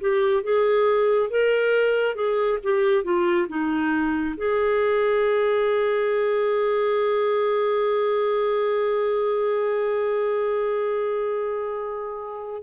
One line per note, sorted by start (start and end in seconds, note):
0.00 0.43 G4
0.43 1.30 G#4
1.30 2.15 A#4
2.15 2.58 G#4
2.63 3.04 G4
3.04 3.47 F4
3.48 4.35 D#4
4.36 12.62 G#4